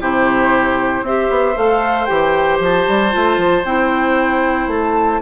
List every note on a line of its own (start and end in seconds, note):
0.00 1.02 C3
0.00 1.06 E4
0.00 1.05 G4
0.00 1.06 C5
1.02 1.28 C4
1.02 1.55 G4
1.02 5.22 C5
1.02 1.57 E5
1.30 1.56 B3
1.55 2.09 A3
1.55 2.07 A4
1.55 2.06 F5
2.06 2.60 E3
2.06 3.11 G4
2.06 2.58 G5
2.60 2.86 F3
2.60 3.65 A5
2.88 3.14 G3
3.11 3.37 A3
3.11 3.63 F4
3.37 3.63 F3
3.65 4.68 C4
3.65 5.22 E4
3.65 4.70 G5
4.68 5.20 A3
4.68 5.22 A5